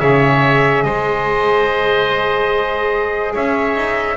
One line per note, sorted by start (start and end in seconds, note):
0.00 0.85 C#3
0.00 4.17 G#4
0.00 0.84 C#5
0.00 0.84 E5
0.84 3.35 G#3
0.84 3.34 C5
0.84 3.34 D#5
3.34 3.76 C#4
3.34 4.18 C#5
3.34 4.18 E5
3.76 4.18 D#4